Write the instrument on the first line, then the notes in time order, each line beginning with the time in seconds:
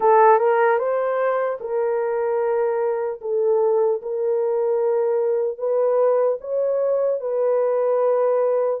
horn
0.00 A4
0.38 A#4
0.78 C5
1.60 A#4
3.21 A4
4.02 A#4
5.58 B4
6.40 C#5
7.20 B4